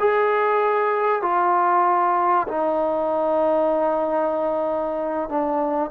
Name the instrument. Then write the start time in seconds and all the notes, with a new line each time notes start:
trombone
0.00 G#4
1.22 F4
2.48 D#4
5.29 D4